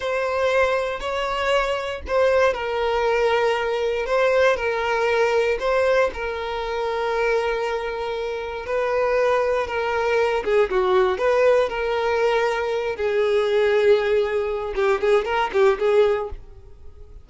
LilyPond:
\new Staff \with { instrumentName = "violin" } { \time 4/4 \tempo 4 = 118 c''2 cis''2 | c''4 ais'2. | c''4 ais'2 c''4 | ais'1~ |
ais'4 b'2 ais'4~ | ais'8 gis'8 fis'4 b'4 ais'4~ | ais'4. gis'2~ gis'8~ | gis'4 g'8 gis'8 ais'8 g'8 gis'4 | }